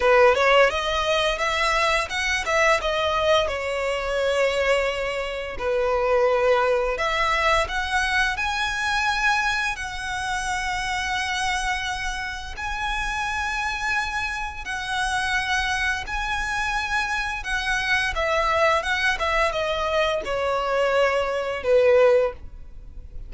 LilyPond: \new Staff \with { instrumentName = "violin" } { \time 4/4 \tempo 4 = 86 b'8 cis''8 dis''4 e''4 fis''8 e''8 | dis''4 cis''2. | b'2 e''4 fis''4 | gis''2 fis''2~ |
fis''2 gis''2~ | gis''4 fis''2 gis''4~ | gis''4 fis''4 e''4 fis''8 e''8 | dis''4 cis''2 b'4 | }